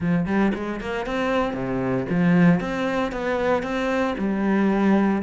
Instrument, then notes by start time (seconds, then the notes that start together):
cello
0.00 F3
0.26 G3
0.54 G#3
0.80 A#3
1.06 C4
1.53 C3
2.09 F3
2.60 C4
3.12 B3
3.62 C4
4.17 G3